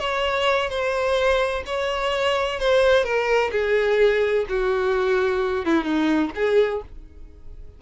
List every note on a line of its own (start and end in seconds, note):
0.00 0.70 C#5
0.70 1.64 C5
1.66 2.60 C#5
2.60 3.04 C5
3.04 3.51 A#4
3.52 4.46 G#4
4.49 5.66 F#4
5.66 5.84 E4
5.84 6.31 D#4
6.36 6.82 G#4